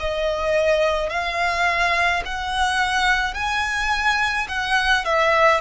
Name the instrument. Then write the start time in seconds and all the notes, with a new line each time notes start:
violin
0.00 D#5
1.10 F5
2.25 F#5
3.34 G#5
4.49 F#5
5.05 E5